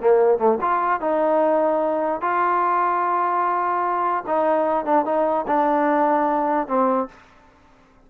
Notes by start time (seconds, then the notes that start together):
0.00 A#3
0.39 A3
0.61 F4
1.01 D#4
2.21 F4
4.27 D#4
4.86 D4
5.05 D#4
5.47 D4
6.68 C4